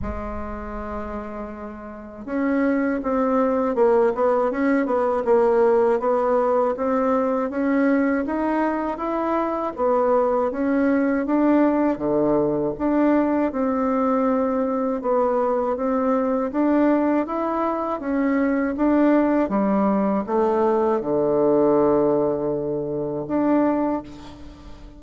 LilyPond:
\new Staff \with { instrumentName = "bassoon" } { \time 4/4 \tempo 4 = 80 gis2. cis'4 | c'4 ais8 b8 cis'8 b8 ais4 | b4 c'4 cis'4 dis'4 | e'4 b4 cis'4 d'4 |
d4 d'4 c'2 | b4 c'4 d'4 e'4 | cis'4 d'4 g4 a4 | d2. d'4 | }